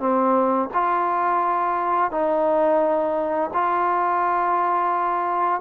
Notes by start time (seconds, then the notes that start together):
0.00 C4
0.74 F4
2.12 D#4
3.54 F4